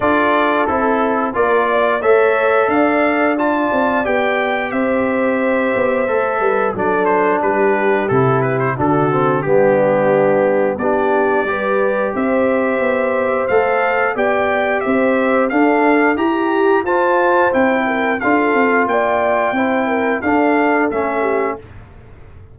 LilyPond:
<<
  \new Staff \with { instrumentName = "trumpet" } { \time 4/4 \tempo 4 = 89 d''4 a'4 d''4 e''4 | f''4 a''4 g''4 e''4~ | e''2 d''8 c''8 b'4 | a'8 b'16 c''16 a'4 g'2 |
d''2 e''2 | f''4 g''4 e''4 f''4 | ais''4 a''4 g''4 f''4 | g''2 f''4 e''4 | }
  \new Staff \with { instrumentName = "horn" } { \time 4/4 a'2 ais'8 d''8 cis''4 | d''2. c''4~ | c''4. b'8 a'4 g'4~ | g'4 fis'4 d'2 |
g'4 b'4 c''2~ | c''4 d''4 c''4 a'4 | g'4 c''4. ais'8 a'4 | d''4 c''8 ais'8 a'4. g'8 | }
  \new Staff \with { instrumentName = "trombone" } { \time 4/4 f'4 e'4 f'4 a'4~ | a'4 f'4 g'2~ | g'4 a'4 d'2 | e'4 d'8 c'8 b2 |
d'4 g'2. | a'4 g'2 d'4 | g'4 f'4 e'4 f'4~ | f'4 e'4 d'4 cis'4 | }
  \new Staff \with { instrumentName = "tuba" } { \time 4/4 d'4 c'4 ais4 a4 | d'4. c'8 b4 c'4~ | c'8 b8 a8 g8 fis4 g4 | c4 d4 g2 |
b4 g4 c'4 b4 | a4 b4 c'4 d'4 | e'4 f'4 c'4 d'8 c'8 | ais4 c'4 d'4 a4 | }
>>